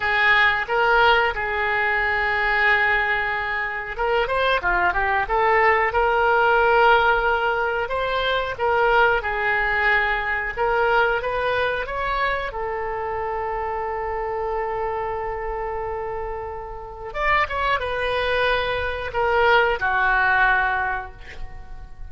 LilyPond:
\new Staff \with { instrumentName = "oboe" } { \time 4/4 \tempo 4 = 91 gis'4 ais'4 gis'2~ | gis'2 ais'8 c''8 f'8 g'8 | a'4 ais'2. | c''4 ais'4 gis'2 |
ais'4 b'4 cis''4 a'4~ | a'1~ | a'2 d''8 cis''8 b'4~ | b'4 ais'4 fis'2 | }